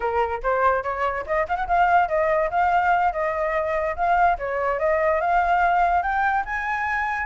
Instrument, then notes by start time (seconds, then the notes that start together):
flute
0.00 A#4
0.42 C5
0.83 C#5
1.26 D#5
1.48 F5
1.56 F#5
1.67 F5
2.08 D#5
2.50 F5
3.12 D#5
3.96 F5
4.38 C#5
4.79 D#5
5.21 F5
6.02 G5
6.45 G#5